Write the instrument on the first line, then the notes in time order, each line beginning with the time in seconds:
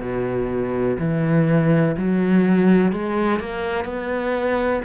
cello
0.00 B2
0.99 E3
1.97 F#3
2.92 G#3
3.39 A#3
3.84 B3